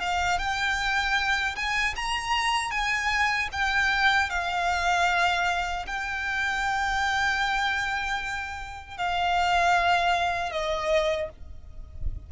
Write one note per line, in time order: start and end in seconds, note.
0.00 0.39 F5
0.39 1.56 G5
1.56 1.95 G#5
1.96 2.71 A#5
2.71 3.49 G#5
3.53 4.30 G5
4.30 5.86 F5
5.87 8.98 G5
8.98 10.52 F5
10.52 11.30 D#5